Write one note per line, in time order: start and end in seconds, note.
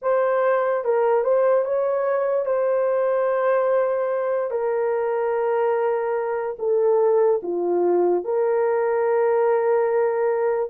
0.02 0.84 C5
0.84 1.24 A#4
1.24 1.64 C5
1.64 2.45 C#5
2.45 4.50 C5
4.50 6.56 A#4
6.58 7.40 A4
7.42 8.24 F4
8.24 10.70 A#4